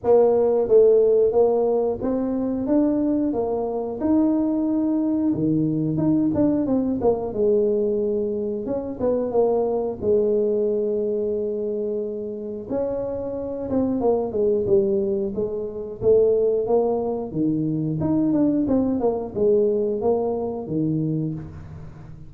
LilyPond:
\new Staff \with { instrumentName = "tuba" } { \time 4/4 \tempo 4 = 90 ais4 a4 ais4 c'4 | d'4 ais4 dis'2 | dis4 dis'8 d'8 c'8 ais8 gis4~ | gis4 cis'8 b8 ais4 gis4~ |
gis2. cis'4~ | cis'8 c'8 ais8 gis8 g4 gis4 | a4 ais4 dis4 dis'8 d'8 | c'8 ais8 gis4 ais4 dis4 | }